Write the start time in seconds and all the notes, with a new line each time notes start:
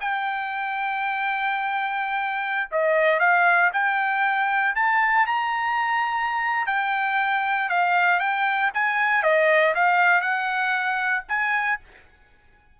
0.00 G5
2.71 D#5
3.19 F5
3.72 G5
4.75 A5
5.26 A#5
6.66 G5
7.69 F5
8.19 G5
8.74 G#5
9.22 D#5
9.74 F5
10.21 F#5
11.28 G#5